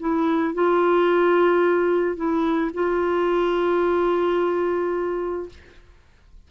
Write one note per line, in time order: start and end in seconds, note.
0.00 0.55 E4
0.55 2.16 F4
2.16 2.71 E4
2.74 5.49 F4